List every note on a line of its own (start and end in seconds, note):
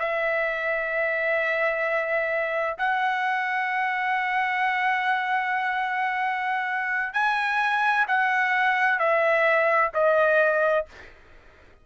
0.00 2.77 E5
2.79 7.14 F#5
7.14 8.06 G#5
8.08 8.99 F#5
8.99 9.91 E5
9.94 10.86 D#5